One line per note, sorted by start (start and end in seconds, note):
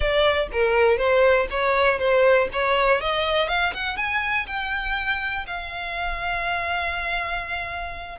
0.00 0.48 D5
0.52 0.97 A#4
0.97 1.47 C5
1.50 1.98 C#5
1.98 2.48 C5
2.52 3.00 C#5
3.00 3.48 D#5
3.48 3.73 F5
3.74 3.96 F#5
3.96 4.46 G#5
4.47 5.46 G5
5.46 8.18 F5